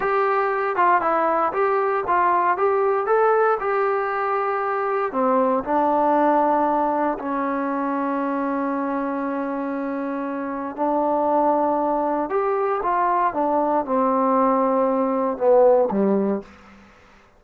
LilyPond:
\new Staff \with { instrumentName = "trombone" } { \time 4/4 \tempo 4 = 117 g'4. f'8 e'4 g'4 | f'4 g'4 a'4 g'4~ | g'2 c'4 d'4~ | d'2 cis'2~ |
cis'1~ | cis'4 d'2. | g'4 f'4 d'4 c'4~ | c'2 b4 g4 | }